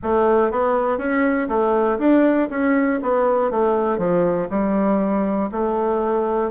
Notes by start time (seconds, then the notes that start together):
0.03 A3
0.50 B3
0.98 C#4
1.48 A3
1.98 D4
2.50 C#4
3.02 B3
3.50 A3
3.98 F3
4.50 G3
5.51 A3